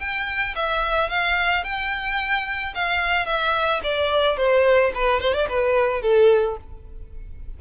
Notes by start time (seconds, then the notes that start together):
0.00 G5
0.56 E5
1.10 F5
1.64 G5
2.75 F5
3.26 E5
3.84 D5
4.37 C5
4.95 B4
5.21 C5
5.34 D5
5.49 B4
6.02 A4